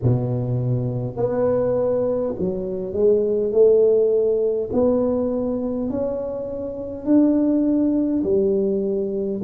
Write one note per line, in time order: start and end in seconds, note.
0.02 1.16 B2
1.16 2.34 B3
2.39 2.93 F#3
2.93 3.51 G#3
3.52 4.70 A3
4.72 5.89 B3
5.89 7.05 C#4
7.05 8.22 D4
8.23 9.41 G3